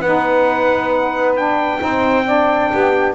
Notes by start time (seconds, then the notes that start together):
0.00 B3 D#4 B4 F#5
1.36 D4 G5
1.79 C4 D#4 C5
2.26 D4 D5
2.70 B3 G4